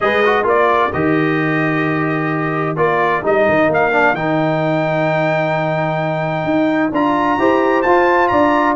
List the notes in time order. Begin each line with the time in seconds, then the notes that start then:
0.00 G#3 G#4 B4 D#5
0.25 F#4
0.43 A#3 F4 A#4 D5
0.92 D#3 G4 D#5
2.75 A#3 F4 D5
3.22 G3 D#4 D#5
3.48 D#3
3.69 A#3 F5
3.91 D4
4.14 D#3 D#4 G5
6.44 D#4
6.91 D4 F4 A#5
7.38 E4 G4 C5
7.82 F4 A5
8.28 D4 D5 A#5